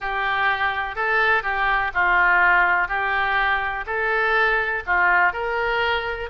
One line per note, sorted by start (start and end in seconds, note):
0.00 0.95 G4
0.95 1.42 A4
1.42 1.91 G4
1.94 2.88 F4
2.88 3.84 G4
3.86 4.83 A4
4.86 5.32 F4
5.32 6.29 A#4